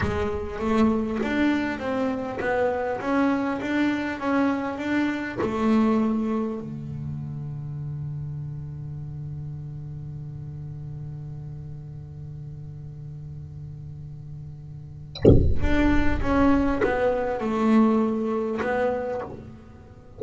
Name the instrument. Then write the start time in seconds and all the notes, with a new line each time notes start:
double bass
0.01 G#3
0.59 A3
1.22 D4
1.79 C4
2.39 B3
3.00 C#4
3.61 D4
4.19 C#4
4.78 D4
5.41 A3
6.60 D3
15.60 D4
16.21 C#4
16.83 B3
17.40 A3
18.61 B3